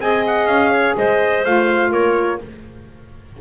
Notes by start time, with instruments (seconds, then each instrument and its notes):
0.00 double bass C4, saxophone G#4, clarinet D#5, trumpet G#5
0.27 trumpet F#5
0.46 double bass C#4, trumpet F5
0.71 clarinet C#5
0.97 double bass G#3, clarinet C5, trumpet D#5
1.45 double bass A3, saxophone F4, trumpet F5
1.90 double bass A#3, clarinet A#4, trumpet C#5